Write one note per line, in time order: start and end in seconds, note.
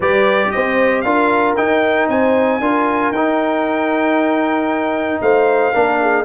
0.00 0.49 G3
0.00 1.05 G4
0.00 0.49 B4
0.00 0.51 D5
0.51 1.04 C4
0.51 1.05 C5
0.51 1.01 D#5
1.01 1.56 D4
1.01 1.56 F4
1.01 2.09 A#4
1.01 1.53 F5
1.56 2.60 D#4
1.56 2.08 D#4
1.56 2.08 G5
2.08 2.60 C4
2.08 2.61 C5
2.08 3.12 G#5
2.60 3.11 D4
2.60 3.13 F4
2.60 5.22 A#4
3.11 5.20 D#4
3.11 5.73 D#4
3.11 5.21 G5
5.21 5.73 A3
5.21 5.74 C5
5.21 6.25 F5
5.73 6.25 A#3
5.73 6.25 D4
5.73 6.00 A#4
6.01 6.25 G#4